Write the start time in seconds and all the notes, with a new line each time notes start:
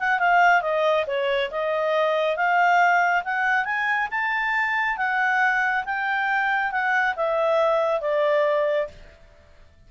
0.00 F#5
0.20 F5
0.62 D#5
1.07 C#5
1.51 D#5
2.37 F5
3.25 F#5
3.65 G#5
4.11 A5
4.98 F#5
5.86 G5
6.72 F#5
7.17 E5
8.01 D5